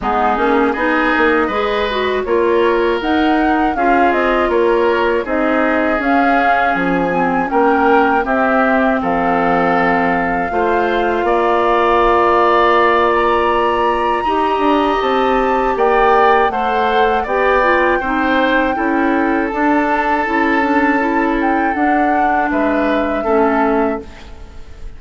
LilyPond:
<<
  \new Staff \with { instrumentName = "flute" } { \time 4/4 \tempo 4 = 80 gis'4 dis''2 cis''4 | fis''4 f''8 dis''8 cis''4 dis''4 | f''4 gis''4 g''4 e''4 | f''1~ |
f''4. ais''2~ ais''8 | a''4 g''4 fis''4 g''4~ | g''2 a''2~ | a''8 g''8 fis''4 e''2 | }
  \new Staff \with { instrumentName = "oboe" } { \time 4/4 dis'4 gis'4 b'4 ais'4~ | ais'4 gis'4 ais'4 gis'4~ | gis'2 ais'4 g'4 | a'2 c''4 d''4~ |
d''2. dis''4~ | dis''4 d''4 c''4 d''4 | c''4 a'2.~ | a'2 b'4 a'4 | }
  \new Staff \with { instrumentName = "clarinet" } { \time 4/4 b8 cis'8 dis'4 gis'8 fis'8 f'4 | dis'4 f'2 dis'4 | cis'4. c'8 cis'4 c'4~ | c'2 f'2~ |
f'2. g'4~ | g'2 a'4 g'8 f'8 | dis'4 e'4 d'4 e'8 d'8 | e'4 d'2 cis'4 | }
  \new Staff \with { instrumentName = "bassoon" } { \time 4/4 gis8 ais8 b8 ais8 gis4 ais4 | dis'4 cis'8 c'8 ais4 c'4 | cis'4 f4 ais4 c'4 | f2 a4 ais4~ |
ais2. dis'8 d'8 | c'4 ais4 a4 b4 | c'4 cis'4 d'4 cis'4~ | cis'4 d'4 gis4 a4 | }
>>